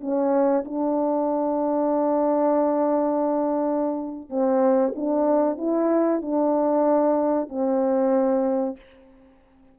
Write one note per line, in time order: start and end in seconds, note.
0.00 0.64 C#4
0.65 4.29 D4
4.29 4.93 C4
4.96 5.58 D4
5.58 6.21 E4
6.21 7.49 D4
7.49 8.76 C4